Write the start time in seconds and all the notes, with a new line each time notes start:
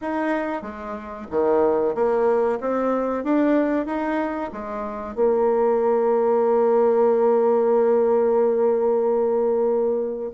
0.01 D#4
0.62 G#3
1.30 D#3
1.94 A#3
2.60 C4
3.23 D4
3.86 D#4
4.52 G#3
5.15 A#3